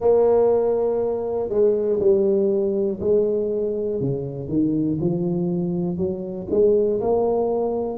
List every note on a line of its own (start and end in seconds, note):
0.00 1.49 A#3
1.49 1.99 G#3
1.99 2.99 G3
3.00 4.00 G#3
4.00 4.48 C#3
4.48 4.98 D#3
5.00 5.97 F3
5.97 6.47 F#3
6.50 7.00 G#3
7.00 7.98 A#3